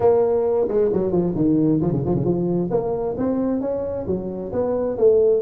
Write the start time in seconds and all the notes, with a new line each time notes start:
0.00 A#3
0.68 G#3
0.92 F#3
1.11 F3
1.35 D#3
1.81 F3
1.91 C#3
2.05 F3
2.14 C#3
2.24 F3
2.70 A#3
3.17 C4
3.60 C#4
4.06 F#3
4.52 B3
4.97 A3